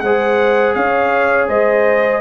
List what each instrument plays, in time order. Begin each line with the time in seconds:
0.00 tuba G#3, trombone G#4, horn C5, trumpet F#5
0.74 tuba C#4, horn C#5, trumpet F5
1.48 tuba G#3, horn C5, trumpet D#5